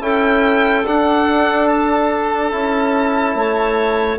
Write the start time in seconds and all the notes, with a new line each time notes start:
0.00 C#4 E4 A4 G5
0.86 D4 F#5
1.67 A5
2.51 C#4 E4
3.34 A3 C#5